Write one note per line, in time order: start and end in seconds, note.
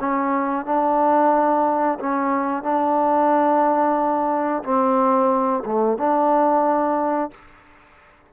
0.00 0.66 C#4
0.66 1.99 D4
2.00 2.63 C#4
2.63 4.63 D4
4.64 5.64 C4
5.66 5.98 A3
5.98 7.32 D4